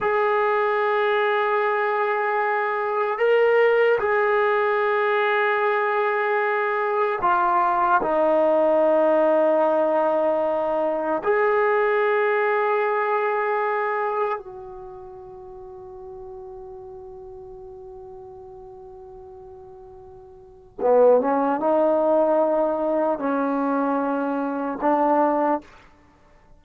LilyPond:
\new Staff \with { instrumentName = "trombone" } { \time 4/4 \tempo 4 = 75 gis'1 | ais'4 gis'2.~ | gis'4 f'4 dis'2~ | dis'2 gis'2~ |
gis'2 fis'2~ | fis'1~ | fis'2 b8 cis'8 dis'4~ | dis'4 cis'2 d'4 | }